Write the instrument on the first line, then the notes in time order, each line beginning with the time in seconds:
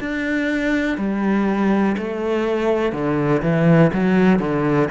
cello
0.00 D4
0.97 G3
1.98 A3
2.92 D3
3.42 E3
3.93 F#3
4.39 D3